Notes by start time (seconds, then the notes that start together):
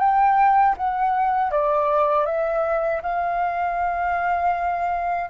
0.00 G5
0.78 F#5
1.52 D5
2.26 E5
3.03 F5